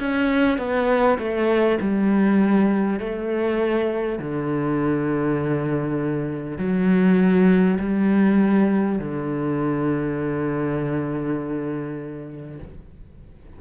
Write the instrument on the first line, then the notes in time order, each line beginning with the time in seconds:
cello
0.00 C#4
0.59 B3
1.19 A3
1.81 G3
3.00 A3
4.19 D3
6.58 F#3
7.79 G3
8.99 D3